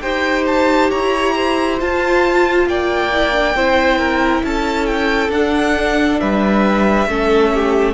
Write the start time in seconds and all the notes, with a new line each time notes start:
0.00 D#4 G4 C5 G5
0.47 A5
0.90 E4 C#5 A#5
1.35 C5
1.79 F4 A5
2.66 A#3 D5 G5
3.12 E4
3.32 D4
3.55 C4 E4 C5
3.98 A#4
4.43 C#4 A4 A5
4.86 G5
5.29 D4 F#5
6.20 G3 B4 E5
7.07 A3 C#4 A4
7.53 G4